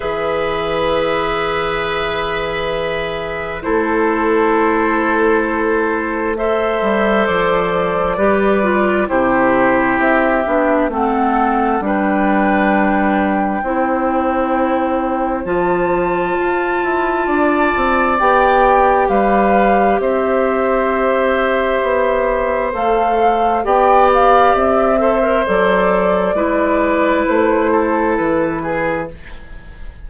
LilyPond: <<
  \new Staff \with { instrumentName = "flute" } { \time 4/4 \tempo 4 = 66 e''1 | c''2. e''4 | d''2 c''4 e''4 | fis''4 g''2.~ |
g''4 a''2. | g''4 f''4 e''2~ | e''4 f''4 g''8 f''8 e''4 | d''2 c''4 b'4 | }
  \new Staff \with { instrumentName = "oboe" } { \time 4/4 b'1 | a'2. c''4~ | c''4 b'4 g'2 | a'4 b'2 c''4~ |
c''2. d''4~ | d''4 b'4 c''2~ | c''2 d''4. c''8~ | c''4 b'4. a'4 gis'8 | }
  \new Staff \with { instrumentName = "clarinet" } { \time 4/4 gis'1 | e'2. a'4~ | a'4 g'8 f'8 e'4. d'8 | c'4 d'2 e'4~ |
e'4 f'2. | g'1~ | g'4 a'4 g'4. a'16 ais'16 | a'4 e'2. | }
  \new Staff \with { instrumentName = "bassoon" } { \time 4/4 e1 | a2.~ a8 g8 | f4 g4 c4 c'8 b8 | a4 g2 c'4~ |
c'4 f4 f'8 e'8 d'8 c'8 | b4 g4 c'2 | b4 a4 b4 c'4 | fis4 gis4 a4 e4 | }
>>